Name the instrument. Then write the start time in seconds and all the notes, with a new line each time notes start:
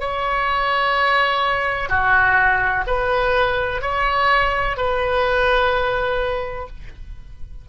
oboe
0.00 C#5
1.89 F#4
2.87 B4
3.81 C#5
4.77 B4